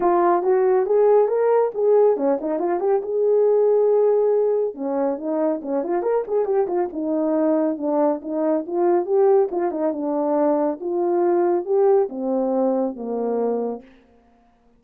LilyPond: \new Staff \with { instrumentName = "horn" } { \time 4/4 \tempo 4 = 139 f'4 fis'4 gis'4 ais'4 | gis'4 cis'8 dis'8 f'8 g'8 gis'4~ | gis'2. cis'4 | dis'4 cis'8 f'8 ais'8 gis'8 g'8 f'8 |
dis'2 d'4 dis'4 | f'4 g'4 f'8 dis'8 d'4~ | d'4 f'2 g'4 | c'2 ais2 | }